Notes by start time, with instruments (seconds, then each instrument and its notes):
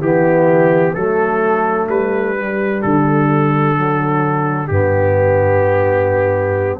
0.00 tuba E3, trombone B3, horn E4, trumpet G4
0.94 tuba F#3, trombone A3, horn D4, trumpet A4
1.88 tuba G3, trumpet B4
2.36 trombone G3
2.81 tuba D3, trumpet A4
3.76 trombone F#3
4.67 tuba G2, trombone B3, trumpet G4